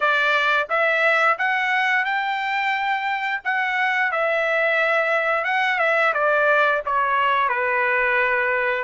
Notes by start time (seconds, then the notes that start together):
0.00 D5
0.69 E5
1.38 F#5
2.05 G5
3.44 F#5
4.11 E5
5.44 F#5
5.79 E5
6.13 D5
6.85 C#5
7.48 B4